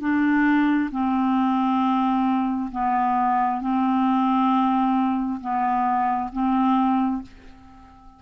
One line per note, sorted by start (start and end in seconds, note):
0.00 0.90 D4
0.91 2.70 C4
2.71 3.61 B3
3.61 5.40 C4
5.40 6.30 B3
6.33 7.22 C4